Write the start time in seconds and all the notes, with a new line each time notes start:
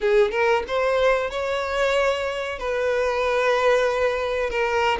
0.00 G#4
0.31 A#4
0.67 C5
1.30 C#5
2.58 B4
4.50 A#4